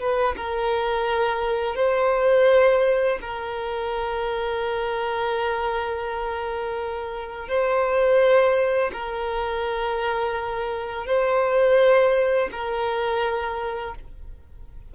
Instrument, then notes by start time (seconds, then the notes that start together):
violin
0.00 B4
0.37 A#4
1.76 C5
3.22 A#4
7.48 C5
8.93 A#4
11.06 C5
12.52 A#4